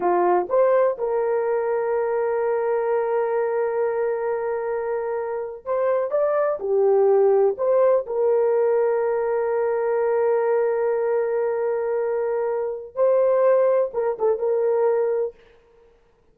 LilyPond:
\new Staff \with { instrumentName = "horn" } { \time 4/4 \tempo 4 = 125 f'4 c''4 ais'2~ | ais'1~ | ais'2.~ ais'8. c''16~ | c''8. d''4 g'2 c''16~ |
c''8. ais'2.~ ais'16~ | ais'1~ | ais'2. c''4~ | c''4 ais'8 a'8 ais'2 | }